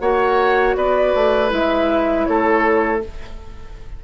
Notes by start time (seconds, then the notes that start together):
0.00 A#3 F#4 C#5 F#5
0.76 B3 B4 D5
1.15 A3
1.50 G#3 E4 E5
2.26 A3 A4 C#5